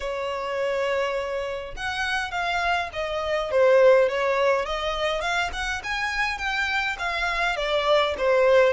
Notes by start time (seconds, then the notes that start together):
0.00 C#5
1.76 F#5
2.31 F5
2.93 D#5
3.51 C5
4.08 C#5
4.65 D#5
5.21 F5
5.52 F#5
5.83 G#5
6.38 G5
6.98 F5
7.56 D5
8.17 C5